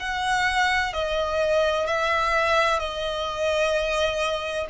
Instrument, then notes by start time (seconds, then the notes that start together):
violin
0.00 F#5
0.93 D#5
1.87 E5
2.80 D#5